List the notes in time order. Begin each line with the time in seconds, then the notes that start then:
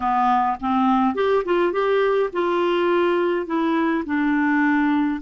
0.00 B3
0.60 C4
1.15 G4
1.44 F4
1.72 G4
2.32 F4
3.46 E4
4.05 D4